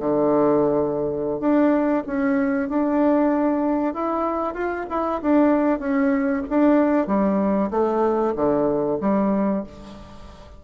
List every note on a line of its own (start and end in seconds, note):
0.00 1.40 D3
1.40 2.04 D4
2.07 2.69 C#4
2.69 3.94 D4
3.94 4.54 E4
4.54 4.86 F4
4.90 5.21 E4
5.22 5.80 D4
5.80 6.43 C#4
6.50 7.07 D4
7.07 7.70 G3
7.71 8.34 A3
8.36 8.99 D3
9.01 9.64 G3